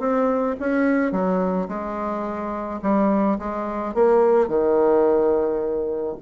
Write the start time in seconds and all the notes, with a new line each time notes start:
0.00 C4
0.60 C#4
1.12 F#3
1.68 G#3
2.83 G3
3.39 G#3
3.95 A#3
4.48 D#3